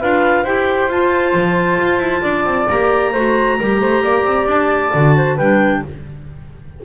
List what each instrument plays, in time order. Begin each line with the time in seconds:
0.00 double bass D4, clarinet F4 F5, flute B4
0.43 double bass E4, clarinet G4 G5, flute C5
0.88 double bass F4, clarinet F4 A5
1.33 double bass F3
1.79 double bass F4
1.99 double bass E4
2.22 double bass D4, flute D5
2.45 double bass C4
2.68 double bass A#3, clarinet G4 A#5
3.12 double bass A3, clarinet F#4, flute C5
3.58 double bass G3, clarinet G4, flute A#4
3.80 double bass A3, flute C5
4.03 double bass A#3, flute D5
4.24 double bass C4
4.46 double bass D4, clarinet A5
4.93 double bass D3, clarinet F#4
5.16 flute C5
5.35 double bass G3, clarinet D4 G5, flute B4